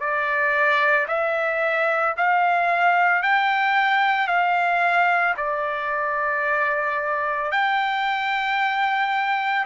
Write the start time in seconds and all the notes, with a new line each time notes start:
0.00 D5
1.08 E5
2.17 F5
3.23 G5
4.28 F5
5.38 D5
7.51 G5